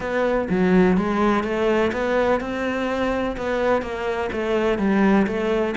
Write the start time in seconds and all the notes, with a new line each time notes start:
0.00 B3
0.49 F#3
0.97 G#3
1.43 A3
1.92 B3
2.40 C4
3.36 B3
3.82 A#3
4.32 A3
4.78 G3
5.26 A3